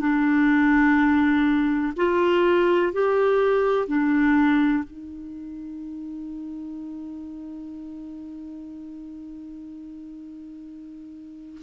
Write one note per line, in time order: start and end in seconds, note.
0.00 1.94 D4
1.97 2.93 F4
2.93 3.88 G4
3.88 4.84 D4
4.84 11.62 D#4